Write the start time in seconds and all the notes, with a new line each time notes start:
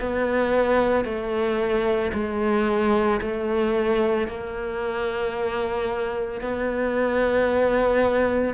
0.00 B3
1.04 A3
2.13 G#3
3.21 A3
4.27 A#3
6.40 B3